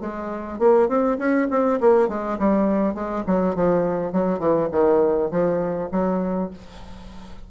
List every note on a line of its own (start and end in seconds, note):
0.00 0.59 G#3
0.59 0.88 A#3
0.88 1.18 C4
1.18 1.48 C#4
1.50 1.80 C4
1.80 2.08 A#3
2.08 2.38 G#3
2.39 2.94 G3
2.94 3.24 G#3
3.27 3.55 F#3
3.55 4.12 F3
4.12 4.39 F#3
4.39 4.68 E3
4.72 5.30 D#3
5.31 5.90 F3
5.91 6.50 F#3